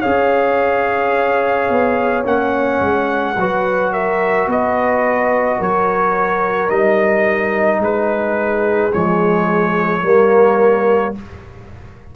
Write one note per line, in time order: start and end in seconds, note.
0.00 1.70 C#4
0.00 2.25 G#4
0.00 3.33 C#5
0.00 2.24 F5
1.70 2.25 B3
2.25 2.81 A#3
2.25 3.36 C#4
2.25 3.93 F#5
2.81 3.36 G#3
3.37 4.47 F#3
3.37 6.69 F#4
3.37 3.93 B4
3.93 4.48 A#4
3.93 4.49 E5
4.47 5.59 B3
4.47 5.59 B4
4.47 5.62 D#5
5.59 6.69 F#3
5.59 7.81 A#4
5.59 6.70 C#5
6.69 7.79 G3
6.69 8.91 D#4
6.69 7.81 D#5
7.79 8.91 G#3
7.79 10.03 G#4
7.79 8.94 B4
8.94 10.03 F3
8.94 10.04 G#3
8.94 11.16 C#5
10.03 11.15 G3
10.03 11.15 A#3
10.03 11.14 A#4